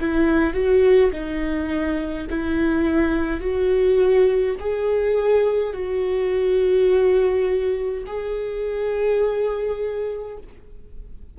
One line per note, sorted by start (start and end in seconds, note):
0.00 0.53 E4
0.53 1.11 F#4
1.11 2.27 D#4
2.30 3.40 E4
3.40 4.55 F#4
4.59 5.73 G#4
5.73 8.03 F#4
8.06 10.37 G#4